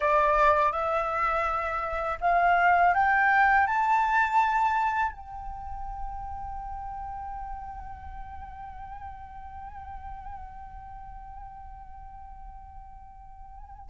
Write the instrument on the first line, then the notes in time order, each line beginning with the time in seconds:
flute
0.00 D5
0.72 E5
2.21 F5
2.94 G5
3.66 A5
5.11 G5